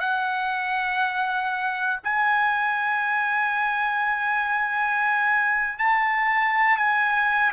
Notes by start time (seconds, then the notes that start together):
0.00 F#5
2.04 G#5
5.79 A5
6.78 G#5